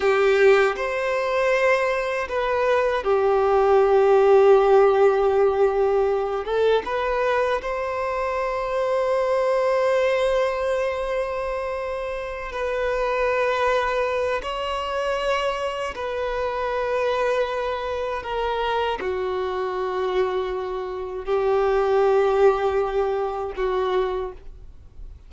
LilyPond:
\new Staff \with { instrumentName = "violin" } { \time 4/4 \tempo 4 = 79 g'4 c''2 b'4 | g'1~ | g'8 a'8 b'4 c''2~ | c''1~ |
c''8 b'2~ b'8 cis''4~ | cis''4 b'2. | ais'4 fis'2. | g'2. fis'4 | }